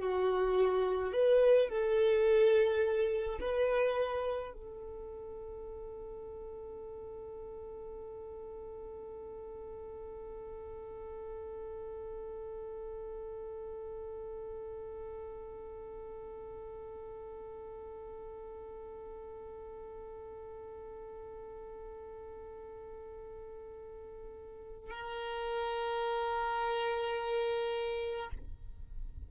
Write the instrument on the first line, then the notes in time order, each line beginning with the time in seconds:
violin
0.00 F#4
1.13 B4
1.69 A4
3.41 B4
4.54 A4
24.91 A#4